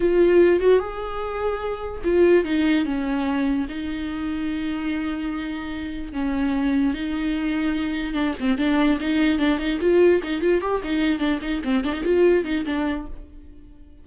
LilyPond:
\new Staff \with { instrumentName = "viola" } { \time 4/4 \tempo 4 = 147 f'4. fis'8 gis'2~ | gis'4 f'4 dis'4 cis'4~ | cis'4 dis'2.~ | dis'2. cis'4~ |
cis'4 dis'2. | d'8 c'8 d'4 dis'4 d'8 dis'8 | f'4 dis'8 f'8 g'8 dis'4 d'8 | dis'8 c'8 d'16 dis'16 f'4 dis'8 d'4 | }